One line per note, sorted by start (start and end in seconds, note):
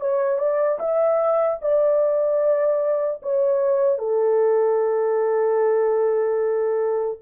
0.00 0.38 C#5
0.38 0.78 D5
0.79 1.59 E5
1.61 3.21 D5
3.22 3.98 C#5
3.98 7.18 A4